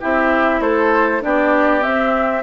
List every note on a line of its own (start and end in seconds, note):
0.00 0.60 C4
0.00 1.21 E4
0.00 0.61 G4
0.00 0.61 E5
0.60 1.21 A3
0.60 1.22 A4
0.60 1.22 C5
1.21 1.85 B3
1.21 1.81 D4
1.21 2.43 G4
1.21 1.83 D5
1.81 2.42 C4
1.81 2.43 C4
1.81 2.43 E5